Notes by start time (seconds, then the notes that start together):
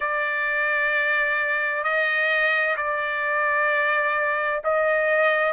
0.00 D5
1.83 D#5
2.77 D5
4.64 D#5